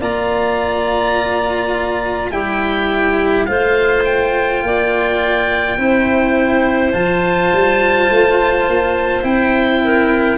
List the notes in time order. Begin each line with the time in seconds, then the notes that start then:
0.00 A#3 F4 D5 A#5
2.31 G3 E4 G4 G5
3.45 A3 F4 C5 F5
4.05 G5
4.62 A#3 D5
5.77 C4 E4 C5
6.93 F3 F4 A5
7.52 G3
8.09 A3
8.67 A#3
9.22 C4 E4 G5
9.83 A#4